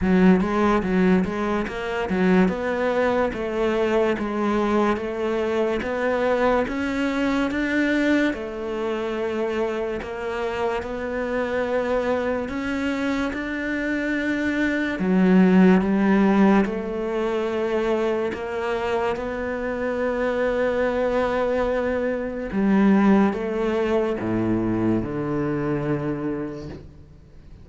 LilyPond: \new Staff \with { instrumentName = "cello" } { \time 4/4 \tempo 4 = 72 fis8 gis8 fis8 gis8 ais8 fis8 b4 | a4 gis4 a4 b4 | cis'4 d'4 a2 | ais4 b2 cis'4 |
d'2 fis4 g4 | a2 ais4 b4~ | b2. g4 | a4 a,4 d2 | }